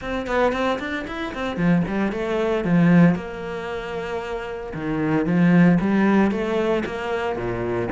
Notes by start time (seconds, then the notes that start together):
0.01 C4
0.26 B3
0.52 C4
0.79 D4
1.07 E4
1.34 C4
1.56 F3
1.87 G3
2.11 A3
2.64 F3
3.15 A#3
4.74 D#3
5.25 F3
5.80 G3
6.31 A3
6.85 A#3
7.35 A#2